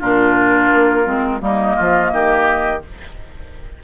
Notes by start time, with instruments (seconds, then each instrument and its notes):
0.00 bassoon A#2, clarinet D4, oboe F4, flute A#4
0.75 bassoon A#3
1.05 bassoon G#3, clarinet C4
1.41 bassoon G3, clarinet A#3, oboe D#4, flute D#5
1.76 bassoon F3, oboe F4
2.13 bassoon D#3, oboe G4